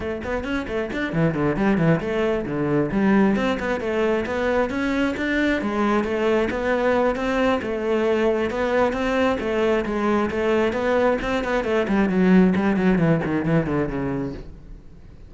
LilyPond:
\new Staff \with { instrumentName = "cello" } { \time 4/4 \tempo 4 = 134 a8 b8 cis'8 a8 d'8 e8 d8 g8 | e8 a4 d4 g4 c'8 | b8 a4 b4 cis'4 d'8~ | d'8 gis4 a4 b4. |
c'4 a2 b4 | c'4 a4 gis4 a4 | b4 c'8 b8 a8 g8 fis4 | g8 fis8 e8 dis8 e8 d8 cis4 | }